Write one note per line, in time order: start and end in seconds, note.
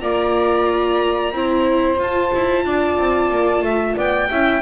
0.00 1.31 A#3
0.00 1.33 F4
0.00 1.33 D5
0.00 1.98 A#5
1.31 1.97 C4
1.31 1.97 E4
1.31 2.64 C5
1.97 4.28 F4
1.97 2.31 F4
1.97 3.98 A5
2.34 2.64 E4
2.64 2.97 D4
2.64 3.63 D5
2.98 3.30 C4
3.30 3.62 A#3
3.62 3.95 A3
3.62 3.95 E5
3.95 4.29 B3
3.95 4.28 D5
3.95 4.61 G5
4.30 4.61 C#4
4.30 4.61 E4
4.30 4.61 E5